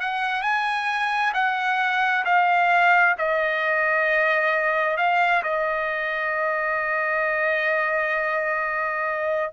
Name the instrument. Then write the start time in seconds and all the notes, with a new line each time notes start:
trumpet
0.00 F#5
0.41 G#5
1.33 F#5
2.25 F5
3.18 D#5
4.97 F5
5.43 D#5